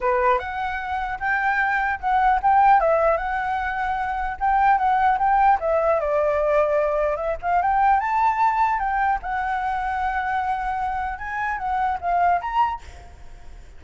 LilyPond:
\new Staff \with { instrumentName = "flute" } { \time 4/4 \tempo 4 = 150 b'4 fis''2 g''4~ | g''4 fis''4 g''4 e''4 | fis''2. g''4 | fis''4 g''4 e''4 d''4~ |
d''2 e''8 f''8 g''4 | a''2 g''4 fis''4~ | fis''1 | gis''4 fis''4 f''4 ais''4 | }